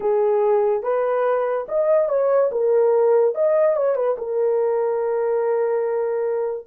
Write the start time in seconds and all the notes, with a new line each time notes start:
0.00 G#4
0.83 B4
1.68 D#5
2.09 C#5
2.51 A#4
3.34 D#5
3.76 C#5
3.95 B4
4.18 A#4